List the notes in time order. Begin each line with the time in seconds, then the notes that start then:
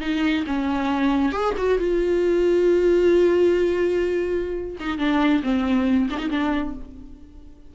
0.00 D#4
0.46 C#4
1.32 G#4
1.57 F#4
1.78 F4
4.79 D#4
4.98 D4
5.42 C4
6.09 D4
6.18 D#4
6.30 D4